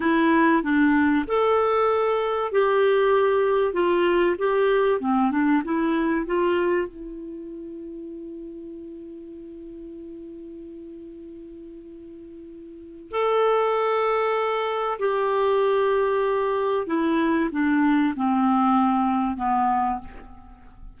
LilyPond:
\new Staff \with { instrumentName = "clarinet" } { \time 4/4 \tempo 4 = 96 e'4 d'4 a'2 | g'2 f'4 g'4 | c'8 d'8 e'4 f'4 e'4~ | e'1~ |
e'1~ | e'4 a'2. | g'2. e'4 | d'4 c'2 b4 | }